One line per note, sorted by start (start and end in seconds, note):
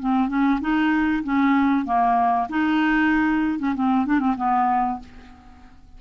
0.00 0.29 C4
0.29 0.60 C#4
0.61 1.24 D#4
1.24 1.86 C#4
1.86 2.48 A#3
2.50 3.59 D#4
3.59 3.75 C#4
3.75 4.07 C4
4.07 4.20 D4
4.20 4.36 C4
4.38 5.00 B3